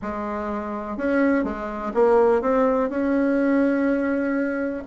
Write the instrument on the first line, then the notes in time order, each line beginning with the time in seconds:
bassoon
0.02 G#3
0.97 C#4
1.43 G#3
1.94 A#3
2.41 C4
2.89 C#4